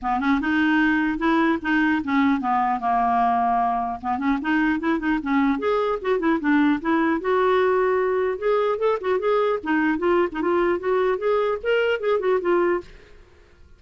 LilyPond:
\new Staff \with { instrumentName = "clarinet" } { \time 4/4 \tempo 4 = 150 b8 cis'8 dis'2 e'4 | dis'4 cis'4 b4 ais4~ | ais2 b8 cis'8 dis'4 | e'8 dis'8 cis'4 gis'4 fis'8 e'8 |
d'4 e'4 fis'2~ | fis'4 gis'4 a'8 fis'8 gis'4 | dis'4 f'8. dis'16 f'4 fis'4 | gis'4 ais'4 gis'8 fis'8 f'4 | }